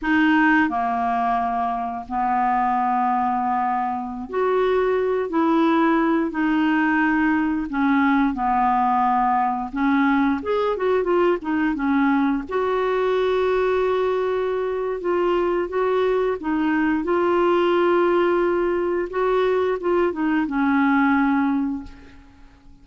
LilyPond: \new Staff \with { instrumentName = "clarinet" } { \time 4/4 \tempo 4 = 88 dis'4 ais2 b4~ | b2~ b16 fis'4. e'16~ | e'4~ e'16 dis'2 cis'8.~ | cis'16 b2 cis'4 gis'8 fis'16~ |
fis'16 f'8 dis'8 cis'4 fis'4.~ fis'16~ | fis'2 f'4 fis'4 | dis'4 f'2. | fis'4 f'8 dis'8 cis'2 | }